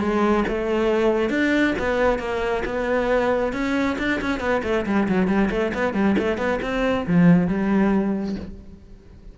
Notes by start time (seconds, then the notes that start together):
0.00 G#3
0.48 A3
1.30 D4
1.79 B3
2.19 A#3
2.66 B3
3.53 C#4
3.98 D4
4.21 C#4
4.40 B3
4.63 A3
4.86 G3
5.08 F#3
5.28 G3
5.50 A3
5.74 B3
5.94 G3
6.18 A3
6.38 B3
6.62 C4
7.07 F3
7.48 G3